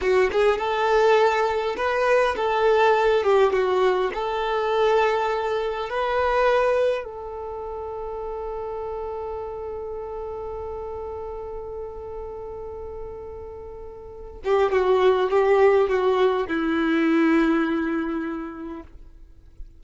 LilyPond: \new Staff \with { instrumentName = "violin" } { \time 4/4 \tempo 4 = 102 fis'8 gis'8 a'2 b'4 | a'4. g'8 fis'4 a'4~ | a'2 b'2 | a'1~ |
a'1~ | a'1~ | a'8 g'8 fis'4 g'4 fis'4 | e'1 | }